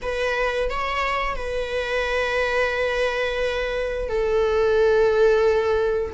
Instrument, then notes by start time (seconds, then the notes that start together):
viola
0.02 B4
0.69 C#5
1.36 B4
4.08 A4